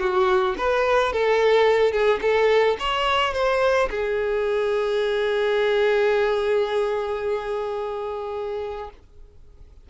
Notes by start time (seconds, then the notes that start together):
0.00 F#4
0.58 B4
1.13 A4
1.92 G#4
2.22 A4
2.80 C#5
3.34 C5
3.91 G#4